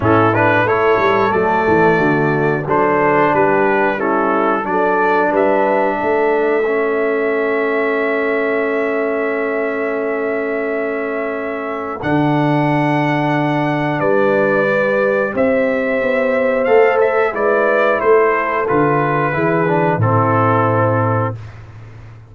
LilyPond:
<<
  \new Staff \with { instrumentName = "trumpet" } { \time 4/4 \tempo 4 = 90 a'8 b'8 cis''4 d''2 | c''4 b'4 a'4 d''4 | e''1~ | e''1~ |
e''2 fis''2~ | fis''4 d''2 e''4~ | e''4 f''8 e''8 d''4 c''4 | b'2 a'2 | }
  \new Staff \with { instrumentName = "horn" } { \time 4/4 e'4 a'2 fis'4 | a'4 g'4 e'4 a'4 | b'4 a'2.~ | a'1~ |
a'1~ | a'4 b'2 c''4~ | c''2 b'4 a'4~ | a'4 gis'4 e'2 | }
  \new Staff \with { instrumentName = "trombone" } { \time 4/4 cis'8 d'8 e'4 a2 | d'2 cis'4 d'4~ | d'2 cis'2~ | cis'1~ |
cis'2 d'2~ | d'2 g'2~ | g'4 a'4 e'2 | f'4 e'8 d'8 c'2 | }
  \new Staff \with { instrumentName = "tuba" } { \time 4/4 a,4 a8 g8 fis8 e8 d4 | fis4 g2 fis4 | g4 a2.~ | a1~ |
a2 d2~ | d4 g2 c'4 | b4 a4 gis4 a4 | d4 e4 a,2 | }
>>